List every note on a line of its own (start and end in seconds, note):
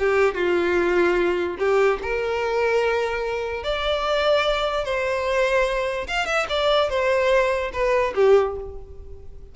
0.00 0.35 G4
0.35 1.58 F4
1.59 2.00 G4
2.03 3.64 A#4
3.64 4.85 D5
4.85 6.08 C5
6.08 6.26 F5
6.26 6.47 E5
6.50 6.90 D5
6.90 7.72 C5
7.73 8.14 B4
8.15 8.56 G4